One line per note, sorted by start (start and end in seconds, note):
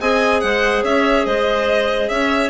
0.00 0.43 C4
0.00 2.50 G#4
0.00 0.42 D#5
0.00 0.40 G#5
0.40 0.83 G#3
0.40 0.84 C5
0.40 0.83 F#5
0.83 1.25 C#4
0.83 1.26 C#5
0.83 1.26 E5
1.25 2.09 G#3
1.25 2.10 C5
1.25 2.09 D#5
2.09 2.50 C#4
2.09 2.50 C#5
2.09 2.50 E5